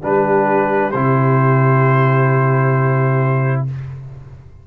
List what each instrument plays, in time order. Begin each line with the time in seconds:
0.00 tuba G3, trombone D4, horn G4, trumpet B4
0.91 tuba C3, trombone E4, trumpet C5